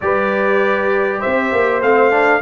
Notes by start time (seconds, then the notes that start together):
0.00 G3 G4 B4 D5
1.19 C4 C5 E5
1.52 A#3
1.81 A3 C4 F5
2.10 D4